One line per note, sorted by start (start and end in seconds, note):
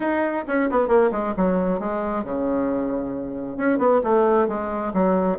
0.00 0.44 D#4
0.47 0.69 C#4
0.70 0.88 B3
0.88 1.10 A#3
1.11 1.34 G#3
1.37 1.79 F#3
1.79 2.24 G#3
2.24 3.57 C#3
3.57 3.78 C#4
3.78 4.01 B3
4.03 4.48 A3
4.48 4.92 G#3
4.93 5.38 F#3